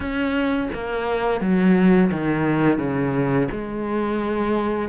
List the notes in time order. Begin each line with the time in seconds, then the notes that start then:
0.00 C#4
0.74 A#3
1.40 F#3
2.11 D#3
2.78 C#3
3.51 G#3